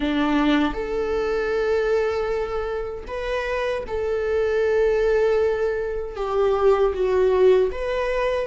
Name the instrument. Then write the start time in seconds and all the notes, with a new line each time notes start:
viola
0.00 D4
0.73 A4
3.07 B4
3.87 A4
6.16 G4
6.93 F#4
7.71 B4